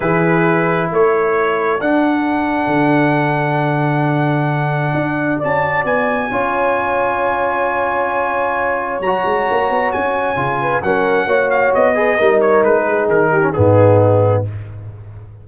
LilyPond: <<
  \new Staff \with { instrumentName = "trumpet" } { \time 4/4 \tempo 4 = 133 b'2 cis''2 | fis''1~ | fis''1 | a''4 gis''2.~ |
gis''1 | ais''2 gis''2 | fis''4. f''8 dis''4. cis''8 | b'4 ais'4 gis'2 | }
  \new Staff \with { instrumentName = "horn" } { \time 4/4 gis'2 a'2~ | a'1~ | a'1 | d''2 cis''2~ |
cis''1~ | cis''2.~ cis''8 b'8 | ais'4 cis''4. b'8 ais'4~ | ais'8 gis'4 g'8 dis'2 | }
  \new Staff \with { instrumentName = "trombone" } { \time 4/4 e'1 | d'1~ | d'1 | fis'2 f'2~ |
f'1 | fis'2. f'4 | cis'4 fis'4. gis'8 dis'4~ | dis'4.~ dis'16 cis'16 b2 | }
  \new Staff \with { instrumentName = "tuba" } { \time 4/4 e2 a2 | d'2 d2~ | d2. d'4 | cis'4 b4 cis'2~ |
cis'1 | fis8 gis8 ais8 b8 cis'4 cis4 | fis4 ais4 b4 g4 | gis4 dis4 gis,2 | }
>>